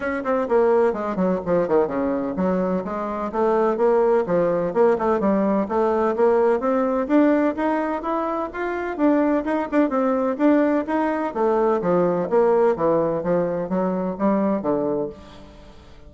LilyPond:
\new Staff \with { instrumentName = "bassoon" } { \time 4/4 \tempo 4 = 127 cis'8 c'8 ais4 gis8 fis8 f8 dis8 | cis4 fis4 gis4 a4 | ais4 f4 ais8 a8 g4 | a4 ais4 c'4 d'4 |
dis'4 e'4 f'4 d'4 | dis'8 d'8 c'4 d'4 dis'4 | a4 f4 ais4 e4 | f4 fis4 g4 d4 | }